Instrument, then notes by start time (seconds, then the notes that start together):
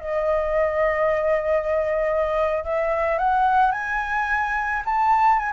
flute
0.00 D#5
2.64 E5
3.18 F#5
3.71 G#5
4.85 A5
5.39 G#5